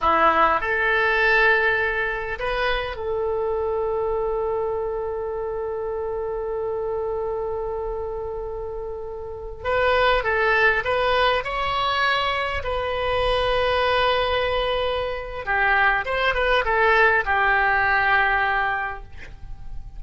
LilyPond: \new Staff \with { instrumentName = "oboe" } { \time 4/4 \tempo 4 = 101 e'4 a'2. | b'4 a'2.~ | a'1~ | a'1~ |
a'16 b'4 a'4 b'4 cis''8.~ | cis''4~ cis''16 b'2~ b'8.~ | b'2 g'4 c''8 b'8 | a'4 g'2. | }